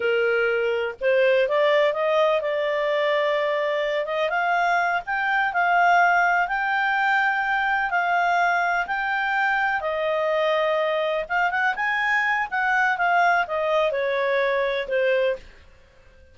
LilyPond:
\new Staff \with { instrumentName = "clarinet" } { \time 4/4 \tempo 4 = 125 ais'2 c''4 d''4 | dis''4 d''2.~ | d''8 dis''8 f''4. g''4 f''8~ | f''4. g''2~ g''8~ |
g''8 f''2 g''4.~ | g''8 dis''2. f''8 | fis''8 gis''4. fis''4 f''4 | dis''4 cis''2 c''4 | }